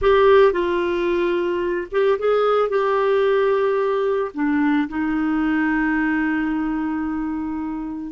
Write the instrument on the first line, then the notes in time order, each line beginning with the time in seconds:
clarinet
0.01 G4
0.52 F4
1.91 G4
2.18 G#4
2.69 G4
4.34 D4
4.88 D#4